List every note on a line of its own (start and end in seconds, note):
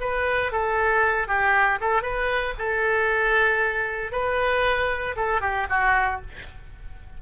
0.00 0.51 B4
0.51 1.27 A4
1.27 1.79 G4
1.80 2.02 A4
2.02 2.54 B4
2.58 4.12 A4
4.12 5.15 B4
5.16 5.41 A4
5.41 5.67 G4
5.69 6.21 F#4